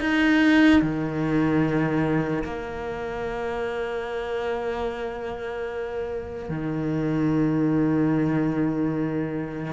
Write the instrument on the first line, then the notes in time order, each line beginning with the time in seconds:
cello
0.00 D#4
0.81 D#3
2.44 A#3
6.49 D#3